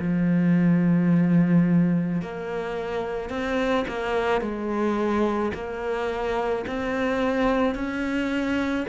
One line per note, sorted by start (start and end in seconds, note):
0.00 2.22 F3
2.22 3.30 A#3
3.30 3.86 C4
3.88 4.41 A#3
4.41 5.53 G#3
5.55 6.66 A#3
6.68 7.75 C4
7.75 8.86 C#4